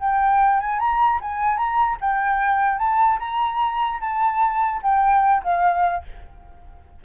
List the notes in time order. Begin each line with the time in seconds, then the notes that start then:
0.00 G5
0.61 G#5
0.80 A#5
1.22 G#5
1.58 A#5
2.01 G5
2.79 A5
3.20 A#5
4.01 A5
4.83 G5
5.44 F5